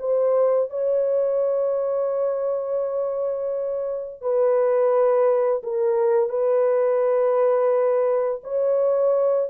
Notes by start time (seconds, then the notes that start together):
0.00 C5
0.71 C#5
4.22 B4
5.63 A#4
6.30 B4
8.44 C#5